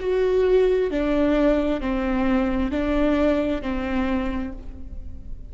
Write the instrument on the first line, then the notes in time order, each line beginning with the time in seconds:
viola
0.00 F#4
0.91 D4
1.81 C4
2.71 D4
3.62 C4